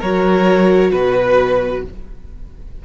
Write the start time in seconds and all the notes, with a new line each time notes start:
0.00 F#3 F#4 A#4 C#5
0.91 B2 B4